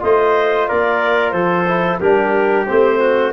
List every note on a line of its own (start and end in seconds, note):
0.00 0.68 A3
0.00 1.65 F4
0.00 0.68 C5
0.00 0.68 D#5
0.68 1.32 A#3
0.68 1.34 A#4
0.68 1.31 D5
1.31 1.98 F3
1.31 1.99 A4
1.31 1.97 C5
1.67 2.00 E4
2.00 2.67 G3
2.00 2.67 D4
2.00 2.99 G4
2.00 2.66 A#4
2.67 3.32 A3
2.67 3.32 C4
2.67 3.32 C5
2.99 3.32 F#4